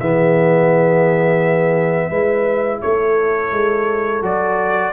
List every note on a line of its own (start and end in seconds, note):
0.00 2.11 E3
0.00 2.12 B3
0.00 2.09 G#4
0.00 2.82 E5
2.09 2.82 G#3
2.09 4.22 E4
2.09 2.79 B4
2.82 3.52 A3
2.82 4.93 A4
2.82 4.23 C#5
3.52 4.22 G#3
4.22 4.93 F#3
4.22 4.93 F#4
4.22 4.93 D5